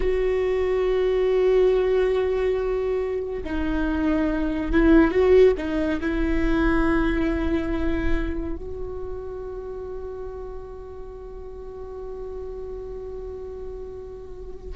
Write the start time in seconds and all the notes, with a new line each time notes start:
0.00 F#4
3.43 D#4
4.71 E4
5.11 F#4
5.57 D#4
6.00 E4
8.56 F#4